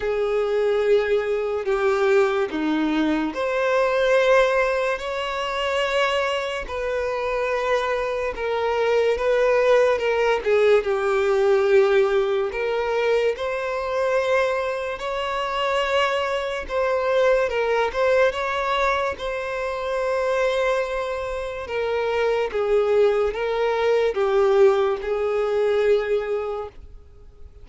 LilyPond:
\new Staff \with { instrumentName = "violin" } { \time 4/4 \tempo 4 = 72 gis'2 g'4 dis'4 | c''2 cis''2 | b'2 ais'4 b'4 | ais'8 gis'8 g'2 ais'4 |
c''2 cis''2 | c''4 ais'8 c''8 cis''4 c''4~ | c''2 ais'4 gis'4 | ais'4 g'4 gis'2 | }